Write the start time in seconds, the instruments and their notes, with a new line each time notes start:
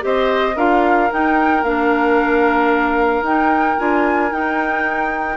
0.00 bassoon C4, clarinet G4, oboe C5, flute D#5
0.56 bassoon D4, clarinet F4, oboe A#4, flute F5
1.10 clarinet D#4, bassoon D#4, flute G5
1.63 bassoon A#3, clarinet D4, flute F5
3.22 bassoon D#4, clarinet D#4, flute G5
3.78 bassoon D4, clarinet F4, flute G#5
4.30 clarinet D#4, bassoon D#4, flute G5